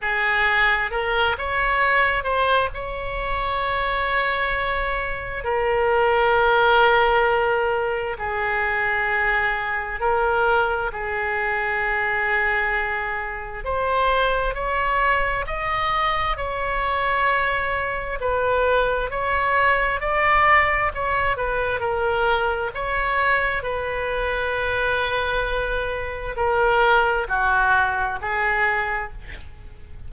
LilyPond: \new Staff \with { instrumentName = "oboe" } { \time 4/4 \tempo 4 = 66 gis'4 ais'8 cis''4 c''8 cis''4~ | cis''2 ais'2~ | ais'4 gis'2 ais'4 | gis'2. c''4 |
cis''4 dis''4 cis''2 | b'4 cis''4 d''4 cis''8 b'8 | ais'4 cis''4 b'2~ | b'4 ais'4 fis'4 gis'4 | }